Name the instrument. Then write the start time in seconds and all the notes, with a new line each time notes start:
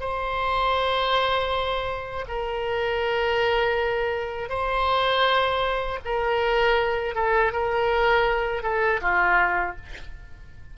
oboe
0.00 C5
2.28 A#4
4.49 C5
6.05 A#4
7.15 A4
7.52 A#4
8.63 A4
9.01 F4